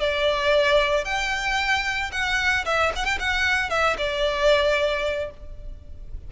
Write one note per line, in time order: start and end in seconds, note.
0.00 1.05 D5
1.05 2.11 G5
2.12 2.65 F#5
2.66 2.92 E5
2.96 3.05 F#5
3.05 3.19 G5
3.20 3.70 F#5
3.70 3.97 E5
3.98 5.31 D5